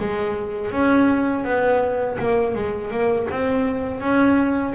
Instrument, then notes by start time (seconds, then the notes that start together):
double bass
0.00 G#3
0.72 C#4
1.45 B3
2.19 A#3
2.55 G#3
2.91 A#3
3.31 C4
4.00 C#4